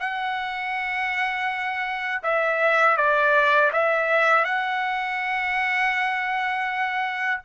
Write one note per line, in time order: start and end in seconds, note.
0.00 2.22 F#5
2.23 2.97 E5
2.97 3.71 D5
3.73 4.45 E5
4.45 7.41 F#5